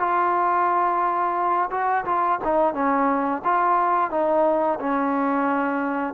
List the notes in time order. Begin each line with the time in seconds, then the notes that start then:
0.00 F4
1.71 F#4
2.05 F4
2.45 D#4
2.74 C#4
3.45 F4
4.11 D#4
4.80 C#4